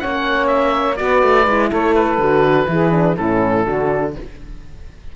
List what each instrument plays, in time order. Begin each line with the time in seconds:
0.00 cello A#3, horn C#4, saxophone C#5, oboe F#5
0.47 oboe E5
0.96 cello B3, horn F#4, saxophone B4, oboe D5
1.23 cello A3
1.47 cello G#3, horn E4
1.70 cello A3, saxophone A4, oboe C#5
1.95 oboe B4
2.18 cello D3, horn F#4
2.67 cello E3, horn E4, saxophone G#4
2.91 horn D4
3.17 cello A2, horn C#4, saxophone E4, oboe A4
3.65 cello D3, horn D4, saxophone F#4